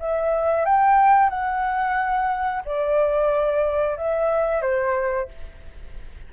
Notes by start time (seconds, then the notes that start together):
0.00 E5
0.65 G5
1.30 F#5
2.65 D5
3.98 E5
4.62 C5